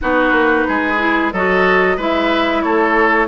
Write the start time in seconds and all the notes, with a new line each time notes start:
0.01 B3 D#4 F#4 B4
0.32 A#3
0.67 G#3 G#4
0.98 E4
1.32 F#3 F#4 A4 D#5
1.97 G#3 E4 B4 E5
2.62 A3 A4 C#5